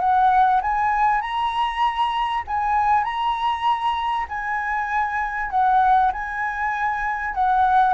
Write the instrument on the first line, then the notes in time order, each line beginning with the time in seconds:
flute
0.00 F#5
0.62 G#5
1.22 A#5
2.48 G#5
3.04 A#5
4.29 G#5
5.51 F#5
6.13 G#5
7.35 F#5